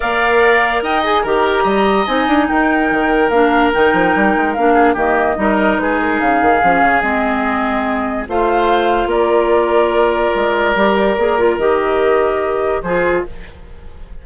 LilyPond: <<
  \new Staff \with { instrumentName = "flute" } { \time 4/4 \tempo 4 = 145 f''2 g''8 gis''8 ais''4~ | ais''4 gis''4 g''2 | f''4 g''2 f''4 | dis''2 b'8 ais'8 f''4~ |
f''4 dis''2. | f''2 d''2~ | d''1 | dis''2. c''4 | }
  \new Staff \with { instrumentName = "oboe" } { \time 4/4 d''2 dis''4 ais'4 | dis''2 ais'2~ | ais'2.~ ais'8 gis'8 | g'4 ais'4 gis'2~ |
gis'1 | c''2 ais'2~ | ais'1~ | ais'2. gis'4 | }
  \new Staff \with { instrumentName = "clarinet" } { \time 4/4 ais'2~ ais'8 gis'8 g'4~ | g'4 dis'2. | d'4 dis'2 d'4 | ais4 dis'2. |
cis'4 c'2. | f'1~ | f'2 g'4 gis'8 f'8 | g'2. f'4 | }
  \new Staff \with { instrumentName = "bassoon" } { \time 4/4 ais2 dis'4 dis4 | g4 c'8 d'8 dis'4 dis4 | ais4 dis8 f8 g8 gis8 ais4 | dis4 g4 gis4 cis8 dis8 |
f8 cis8 gis2. | a2 ais2~ | ais4 gis4 g4 ais4 | dis2. f4 | }
>>